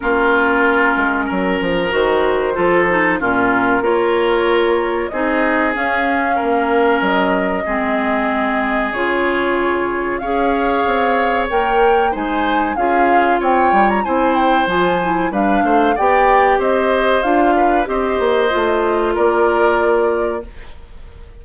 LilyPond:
<<
  \new Staff \with { instrumentName = "flute" } { \time 4/4 \tempo 4 = 94 ais'2. c''4~ | c''4 ais'4 cis''2 | dis''4 f''2 dis''4~ | dis''2 cis''2 |
f''2 g''4 gis''4 | f''4 g''8. ais''16 gis''8 g''8 gis''4 | f''4 g''4 dis''4 f''4 | dis''2 d''2 | }
  \new Staff \with { instrumentName = "oboe" } { \time 4/4 f'2 ais'2 | a'4 f'4 ais'2 | gis'2 ais'2 | gis'1 |
cis''2. c''4 | gis'4 cis''4 c''2 | b'8 c''8 d''4 c''4. b'8 | c''2 ais'2 | }
  \new Staff \with { instrumentName = "clarinet" } { \time 4/4 cis'2. fis'4 | f'8 dis'8 cis'4 f'2 | dis'4 cis'2. | c'2 f'2 |
gis'2 ais'4 dis'4 | f'2 e'4 f'8 e'8 | d'4 g'2 f'4 | g'4 f'2. | }
  \new Staff \with { instrumentName = "bassoon" } { \time 4/4 ais4. gis8 fis8 f8 dis4 | f4 ais,4 ais2 | c'4 cis'4 ais4 fis4 | gis2 cis2 |
cis'4 c'4 ais4 gis4 | cis'4 c'8 g8 c'4 f4 | g8 a8 b4 c'4 d'4 | c'8 ais8 a4 ais2 | }
>>